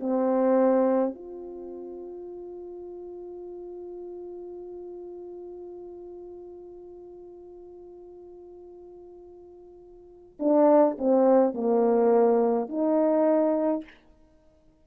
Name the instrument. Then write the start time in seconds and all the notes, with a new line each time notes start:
horn
0.00 C4
1.15 F4
10.40 D4
10.99 C4
11.54 A#3
12.69 D#4